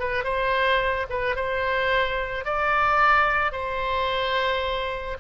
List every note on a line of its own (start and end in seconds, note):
0.00 0.25 B4
0.25 1.07 C5
1.10 1.36 B4
1.36 2.45 C5
2.45 3.53 D5
3.53 5.18 C5